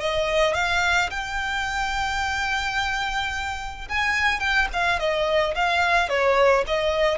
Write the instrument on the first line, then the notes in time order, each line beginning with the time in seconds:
violin
0.00 D#5
0.54 F5
1.11 G5
3.89 G#5
4.40 G5
4.73 F5
4.99 D#5
5.55 F5
6.09 C#5
6.67 D#5